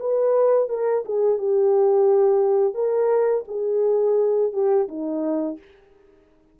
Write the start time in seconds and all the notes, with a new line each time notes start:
0.00 B4
0.69 A#4
1.05 G#4
1.39 G4
2.74 A#4
3.48 G#4
4.53 G4
4.88 D#4